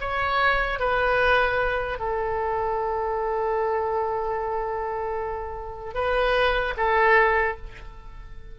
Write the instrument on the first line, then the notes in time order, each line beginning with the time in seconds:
oboe
0.00 C#5
0.79 B4
1.99 A4
5.94 B4
6.77 A4